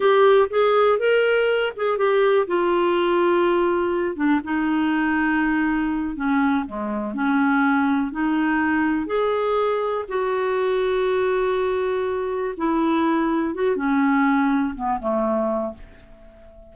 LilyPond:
\new Staff \with { instrumentName = "clarinet" } { \time 4/4 \tempo 4 = 122 g'4 gis'4 ais'4. gis'8 | g'4 f'2.~ | f'8 d'8 dis'2.~ | dis'8 cis'4 gis4 cis'4.~ |
cis'8 dis'2 gis'4.~ | gis'8 fis'2.~ fis'8~ | fis'4. e'2 fis'8 | cis'2 b8 a4. | }